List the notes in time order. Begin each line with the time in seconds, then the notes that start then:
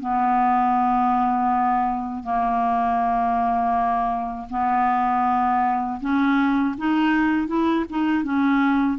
0.00 B3
2.23 A#3
4.50 B3
6.00 C#4
6.77 D#4
7.47 E4
7.90 D#4
8.24 C#4